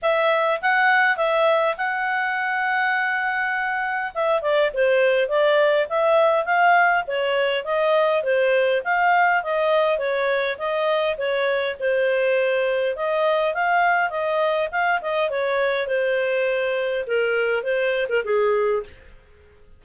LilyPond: \new Staff \with { instrumentName = "clarinet" } { \time 4/4 \tempo 4 = 102 e''4 fis''4 e''4 fis''4~ | fis''2. e''8 d''8 | c''4 d''4 e''4 f''4 | cis''4 dis''4 c''4 f''4 |
dis''4 cis''4 dis''4 cis''4 | c''2 dis''4 f''4 | dis''4 f''8 dis''8 cis''4 c''4~ | c''4 ais'4 c''8. ais'16 gis'4 | }